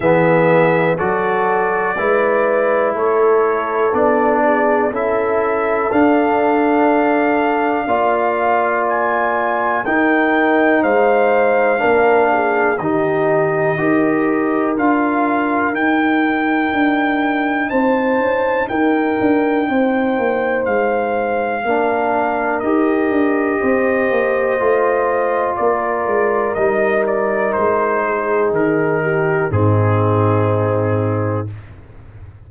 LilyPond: <<
  \new Staff \with { instrumentName = "trumpet" } { \time 4/4 \tempo 4 = 61 e''4 d''2 cis''4 | d''4 e''4 f''2~ | f''4 gis''4 g''4 f''4~ | f''4 dis''2 f''4 |
g''2 a''4 g''4~ | g''4 f''2 dis''4~ | dis''2 d''4 dis''8 d''8 | c''4 ais'4 gis'2 | }
  \new Staff \with { instrumentName = "horn" } { \time 4/4 gis'4 a'4 b'4 a'4~ | a'8 gis'8 a'2. | d''2 ais'4 c''4 | ais'8 gis'8 g'4 ais'2~ |
ais'2 c''4 ais'4 | c''2 ais'2 | c''2 ais'2~ | ais'8 gis'4 g'8 dis'2 | }
  \new Staff \with { instrumentName = "trombone" } { \time 4/4 b4 fis'4 e'2 | d'4 e'4 d'2 | f'2 dis'2 | d'4 dis'4 g'4 f'4 |
dis'1~ | dis'2 d'4 g'4~ | g'4 f'2 dis'4~ | dis'2 c'2 | }
  \new Staff \with { instrumentName = "tuba" } { \time 4/4 e4 fis4 gis4 a4 | b4 cis'4 d'2 | ais2 dis'4 gis4 | ais4 dis4 dis'4 d'4 |
dis'4 d'4 c'8 cis'8 dis'8 d'8 | c'8 ais8 gis4 ais4 dis'8 d'8 | c'8 ais8 a4 ais8 gis8 g4 | gis4 dis4 gis,2 | }
>>